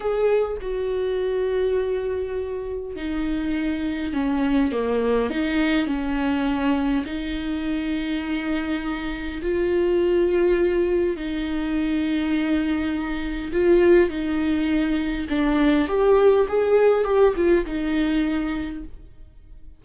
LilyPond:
\new Staff \with { instrumentName = "viola" } { \time 4/4 \tempo 4 = 102 gis'4 fis'2.~ | fis'4 dis'2 cis'4 | ais4 dis'4 cis'2 | dis'1 |
f'2. dis'4~ | dis'2. f'4 | dis'2 d'4 g'4 | gis'4 g'8 f'8 dis'2 | }